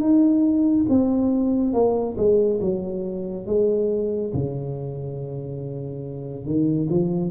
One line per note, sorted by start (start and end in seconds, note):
0.00 0.86 D#4
0.89 1.73 C4
1.73 2.16 A#3
2.17 2.60 G#3
2.61 3.46 F#3
3.46 4.32 G#3
4.34 6.45 C#3
6.45 6.88 D#3
6.90 7.31 F3